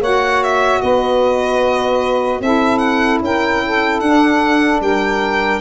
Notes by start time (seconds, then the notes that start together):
0.00 A#3 F#4 C#5 F#5
0.43 E5
0.81 B3 B4 D#5
2.40 C4 E4 A4 E5
2.78 F#5
3.21 C#4 A#4 G5
3.65 A4
4.00 D4 F#5
4.80 G3 A#4 G5